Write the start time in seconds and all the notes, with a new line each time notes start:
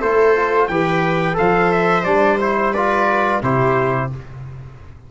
0.00 A3 E4 A4 C5
0.36 F4
0.68 E3 G4 B4 G5
1.34 A4 C5 F5
1.40 F3
1.72 E5
2.04 G3 D4 D5
2.40 E4 C5
2.73 F4 B4 D5
3.42 C3 E4 G4 C5